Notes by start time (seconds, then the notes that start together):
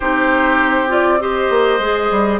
0.00 C4 D#4 G4 C5
0.88 F4 D5
1.20 G4 C5 D#5
1.50 A#3
1.79 G#3 G#4
2.10 G3